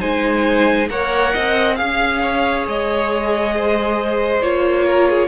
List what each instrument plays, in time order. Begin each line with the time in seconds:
0.00 cello G#3, viola D#4, violin C5 G#5
0.90 cello A#3, viola A#4, violin C#5 F#5
1.34 cello C4, violin D#5
1.76 cello C#4, viola G#4, violin F5
2.22 violin C#5
2.67 cello G#3, violin D#5
3.56 violin C5
4.42 cello A#3, viola F4, violin C#5
4.86 violin A#4
5.09 violin G#4